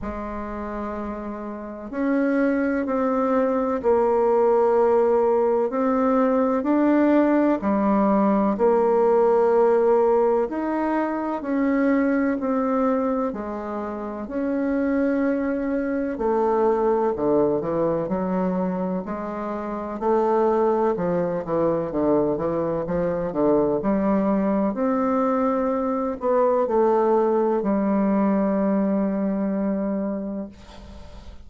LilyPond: \new Staff \with { instrumentName = "bassoon" } { \time 4/4 \tempo 4 = 63 gis2 cis'4 c'4 | ais2 c'4 d'4 | g4 ais2 dis'4 | cis'4 c'4 gis4 cis'4~ |
cis'4 a4 d8 e8 fis4 | gis4 a4 f8 e8 d8 e8 | f8 d8 g4 c'4. b8 | a4 g2. | }